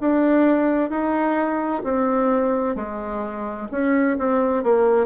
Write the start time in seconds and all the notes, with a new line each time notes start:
0.00 D4
0.89 D#4
1.84 C4
2.75 G#3
3.71 C#4
4.18 C4
4.63 A#3